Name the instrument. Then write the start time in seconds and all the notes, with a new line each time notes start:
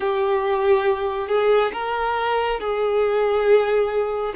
violin
0.00 G4
1.28 G#4
1.72 A#4
2.60 G#4